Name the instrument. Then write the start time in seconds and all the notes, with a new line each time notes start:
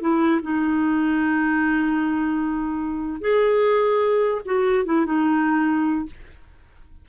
clarinet
0.00 E4
0.42 D#4
3.20 G#4
4.45 F#4
4.85 E4
5.05 D#4